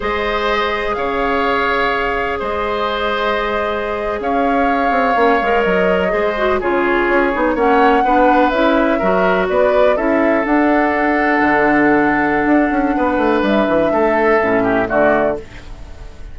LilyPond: <<
  \new Staff \with { instrumentName = "flute" } { \time 4/4 \tempo 4 = 125 dis''2 f''2~ | f''4 dis''2.~ | dis''8. f''2. dis''16~ | dis''4.~ dis''16 cis''2 fis''16~ |
fis''4.~ fis''16 e''2 d''16~ | d''8. e''4 fis''2~ fis''16~ | fis''1 | e''2. d''4 | }
  \new Staff \with { instrumentName = "oboe" } { \time 4/4 c''2 cis''2~ | cis''4 c''2.~ | c''8. cis''2.~ cis''16~ | cis''8. c''4 gis'2 cis''16~ |
cis''8. b'2 ais'4 b'16~ | b'8. a'2.~ a'16~ | a'2. b'4~ | b'4 a'4. g'8 fis'4 | }
  \new Staff \with { instrumentName = "clarinet" } { \time 4/4 gis'1~ | gis'1~ | gis'2~ gis'8. cis'8 ais'8.~ | ais'8. gis'8 fis'8 f'4. dis'8 cis'16~ |
cis'8. d'4 e'4 fis'4~ fis'16~ | fis'8. e'4 d'2~ d'16~ | d'1~ | d'2 cis'4 a4 | }
  \new Staff \with { instrumentName = "bassoon" } { \time 4/4 gis2 cis2~ | cis4 gis2.~ | gis8. cis'4. c'8 ais8 gis8 fis16~ | fis8. gis4 cis4 cis'8 b8 ais16~ |
ais8. b4 cis'4 fis4 b16~ | b8. cis'4 d'2 d16~ | d2 d'8 cis'8 b8 a8 | g8 e8 a4 a,4 d4 | }
>>